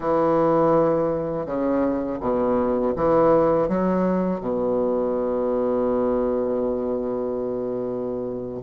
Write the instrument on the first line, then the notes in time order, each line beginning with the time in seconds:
bassoon
0.00 E3
1.45 C#3
2.20 B2
2.96 E3
3.68 F#3
4.40 B2